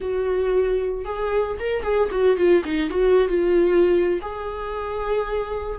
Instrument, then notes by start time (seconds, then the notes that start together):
viola
0.00 F#4
1.05 G#4
1.59 A#4
1.83 G#4
2.11 F#4
2.36 F4
2.64 D#4
2.89 F#4
3.28 F4
4.21 G#4